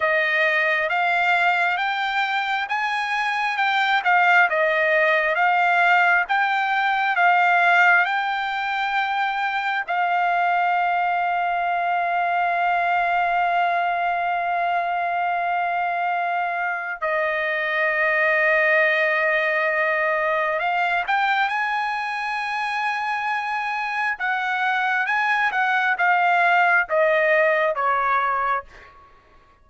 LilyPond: \new Staff \with { instrumentName = "trumpet" } { \time 4/4 \tempo 4 = 67 dis''4 f''4 g''4 gis''4 | g''8 f''8 dis''4 f''4 g''4 | f''4 g''2 f''4~ | f''1~ |
f''2. dis''4~ | dis''2. f''8 g''8 | gis''2. fis''4 | gis''8 fis''8 f''4 dis''4 cis''4 | }